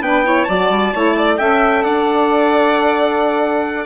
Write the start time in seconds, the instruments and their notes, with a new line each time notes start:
0.00 bassoon B3, saxophone D4, violin B4, trumpet G5
0.24 saxophone E4, violin C#5
0.44 bassoon F#3, saxophone F#4, violin D5, trumpet A5
0.69 bassoon G3
0.93 bassoon A3, saxophone E4, violin C#5
1.16 violin D5
1.37 bassoon C#4, saxophone A4, violin E5, trumpet G5
1.82 bassoon D4, violin D5, trumpet F#5